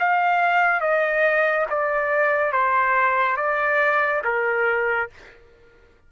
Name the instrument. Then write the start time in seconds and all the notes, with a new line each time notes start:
trumpet
0.00 F5
0.81 D#5
1.70 D5
2.52 C5
3.37 D5
4.25 A#4